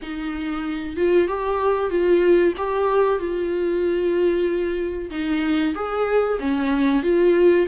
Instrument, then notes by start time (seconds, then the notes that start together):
viola
0.02 D#4
0.96 F4
1.27 G4
1.89 F4
2.57 G4
3.18 F4
5.10 D#4
5.74 G#4
6.39 C#4
7.02 F4